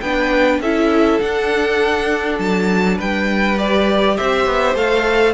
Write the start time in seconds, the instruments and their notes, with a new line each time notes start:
0.00 cello B3, viola D4, violin B4 G5
0.59 cello C#4, viola E4, violin A4 E5
1.20 viola D4, cello D4, violin F#5
2.38 cello F#3, violin A5
2.96 cello G3, violin B4 G5
3.57 viola G4, violin D5
4.16 cello C4, violin C5 E5
4.46 cello B3
4.74 cello A3, viola A4, violin F5